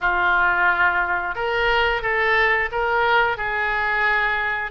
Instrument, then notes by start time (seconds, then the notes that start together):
oboe
0.00 F4
1.35 A#4
2.02 A4
2.71 A#4
3.37 G#4